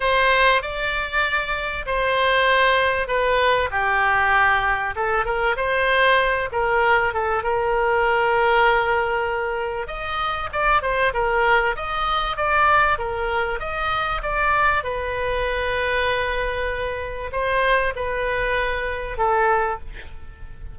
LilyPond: \new Staff \with { instrumentName = "oboe" } { \time 4/4 \tempo 4 = 97 c''4 d''2 c''4~ | c''4 b'4 g'2 | a'8 ais'8 c''4. ais'4 a'8 | ais'1 |
dis''4 d''8 c''8 ais'4 dis''4 | d''4 ais'4 dis''4 d''4 | b'1 | c''4 b'2 a'4 | }